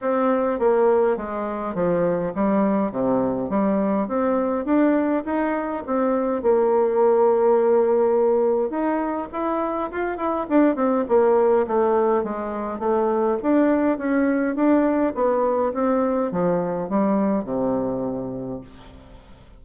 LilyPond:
\new Staff \with { instrumentName = "bassoon" } { \time 4/4 \tempo 4 = 103 c'4 ais4 gis4 f4 | g4 c4 g4 c'4 | d'4 dis'4 c'4 ais4~ | ais2. dis'4 |
e'4 f'8 e'8 d'8 c'8 ais4 | a4 gis4 a4 d'4 | cis'4 d'4 b4 c'4 | f4 g4 c2 | }